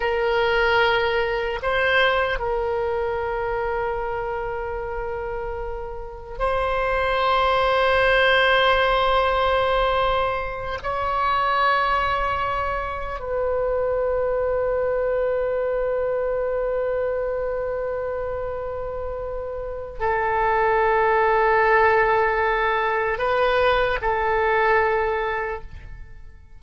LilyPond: \new Staff \with { instrumentName = "oboe" } { \time 4/4 \tempo 4 = 75 ais'2 c''4 ais'4~ | ais'1 | c''1~ | c''4. cis''2~ cis''8~ |
cis''8 b'2.~ b'8~ | b'1~ | b'4 a'2.~ | a'4 b'4 a'2 | }